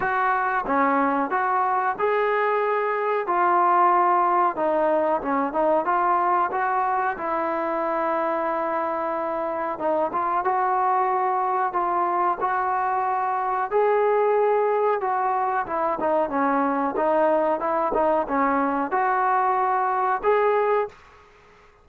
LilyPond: \new Staff \with { instrumentName = "trombone" } { \time 4/4 \tempo 4 = 92 fis'4 cis'4 fis'4 gis'4~ | gis'4 f'2 dis'4 | cis'8 dis'8 f'4 fis'4 e'4~ | e'2. dis'8 f'8 |
fis'2 f'4 fis'4~ | fis'4 gis'2 fis'4 | e'8 dis'8 cis'4 dis'4 e'8 dis'8 | cis'4 fis'2 gis'4 | }